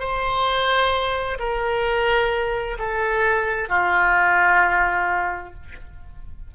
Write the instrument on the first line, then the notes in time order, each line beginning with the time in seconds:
oboe
0.00 C5
1.39 A#4
2.79 A4
3.69 F4